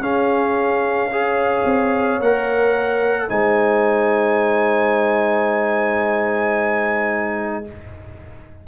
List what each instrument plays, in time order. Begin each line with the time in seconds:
0.00 tuba C#4, trombone C#4, horn G#4, trumpet F5
1.12 trombone G#4, horn C#5
1.66 tuba C4
2.20 tuba A#3, trombone A#4, trumpet F#5
3.29 tuba G#3, trombone D#4, horn C5, trumpet G#5